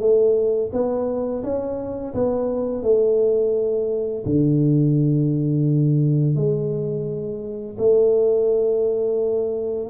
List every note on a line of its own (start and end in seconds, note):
0.00 0.71 A3
0.73 1.43 B3
1.43 2.14 C#4
2.14 2.83 B3
2.83 4.24 A3
4.25 6.35 D3
6.35 7.76 G#3
7.78 9.90 A3